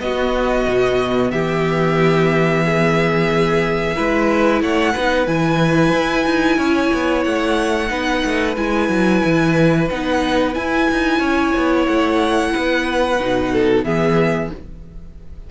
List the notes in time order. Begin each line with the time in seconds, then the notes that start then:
0.00 B3 F#4 D#5
0.68 B2
1.31 E3 G4 E5
2.65 G#4
3.95 G#3 E4 B4
4.61 A3 C#5 F#5
4.92 B3 D#4 B4
5.27 E3 E4 G#5
5.93 E4
6.26 D#4
6.58 C#4 C#5
6.93 B3
7.24 A3 F#5
7.89 B3 D#4 B4
8.25 A3
8.57 G#3 E4 G#5
8.89 F#3
9.25 E3
9.90 B3 D#4 F#5
10.54 E4 G#5
10.92 D#4
11.19 C#4 C#5
11.57 B3
11.86 A3 F#5
12.53 B3 B4
13.20 B2 D#4
13.52 A4
13.84 E3 B3 G#4 E5